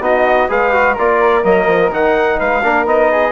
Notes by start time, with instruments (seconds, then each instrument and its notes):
0.00 bassoon B3, trombone D#4, flute F#4, trumpet D#5
0.49 bassoon G#3, trombone G#4, flute B4, trumpet F5
0.73 trombone F#4
0.94 bassoon A#3, trombone F4, flute A#4, trumpet D5
1.43 bassoon F#3, trombone A#3, trumpet D#5
1.67 bassoon F3
1.91 bassoon D#3, trombone D#4, trumpet F#5
2.38 bassoon G#3, flute B4, trumpet F5
2.63 bassoon A#3, trombone D4, flute A#4
2.85 bassoon B3, trombone D#4, trumpet D#5
3.12 flute G#4